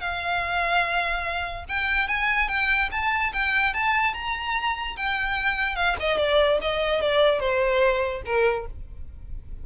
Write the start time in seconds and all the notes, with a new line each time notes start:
0.00 F5
1.68 G5
2.08 G#5
2.48 G5
2.91 A5
3.33 G5
3.74 A5
4.14 A#5
4.96 G5
5.76 F5
6.00 D#5
6.17 D5
6.61 D#5
7.01 D5
7.40 C5
8.25 A#4